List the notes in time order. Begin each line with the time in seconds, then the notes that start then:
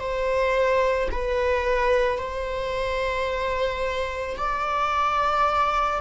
0.00 C5
1.12 B4
2.19 C5
4.37 D5